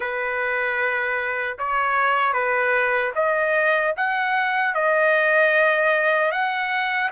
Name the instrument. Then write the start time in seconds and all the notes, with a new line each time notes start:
trumpet
0.00 B4
1.58 C#5
2.33 B4
3.15 D#5
3.96 F#5
4.74 D#5
6.31 F#5